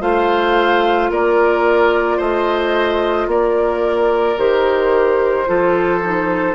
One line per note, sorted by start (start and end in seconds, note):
0.00 1.10 A3
0.00 4.36 F4
0.00 1.10 C5
0.00 1.11 F5
1.10 2.19 A#3
1.10 2.17 A#4
1.10 2.20 D5
2.17 3.27 A3
2.17 3.26 C5
2.17 3.29 D#5
3.27 4.36 A#3
3.27 5.48 A#4
3.27 4.39 D5
4.37 5.47 D#3
4.37 5.46 G4
4.37 6.55 C5
5.46 6.55 F3
5.46 6.00 F4
5.46 6.55 A4
6.03 6.55 D#4